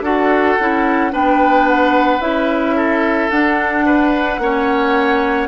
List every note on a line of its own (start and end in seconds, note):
0.00 0.55 D4
0.00 0.58 F#4
0.00 1.12 A4
0.00 1.12 F#5
0.59 1.13 C#4
0.59 1.11 E4
1.11 2.20 B3
1.11 2.20 D4
1.11 2.76 B4
1.11 1.68 G5
1.68 2.21 F#5
2.20 3.29 C#4
2.20 3.30 E4
2.20 3.30 E5
2.76 3.85 A4
3.30 4.38 D4
3.30 4.41 D4
3.30 5.47 F#5
3.85 4.40 B4
4.38 5.47 A#3
4.38 5.47 C#4
4.38 5.47 C#5